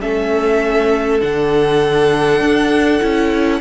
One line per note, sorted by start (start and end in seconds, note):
0.00 1.21 A3
0.00 1.20 C#4
0.00 3.60 A4
0.00 1.21 E5
1.20 2.40 D3
1.20 3.00 D4
1.20 3.60 F#5
2.40 3.00 D4
3.00 3.60 C#4
3.00 3.60 E4